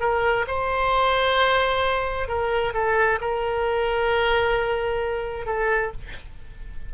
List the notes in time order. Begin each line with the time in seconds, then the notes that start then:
0.00 A#4
0.47 C5
2.28 A#4
2.74 A4
3.21 A#4
5.46 A4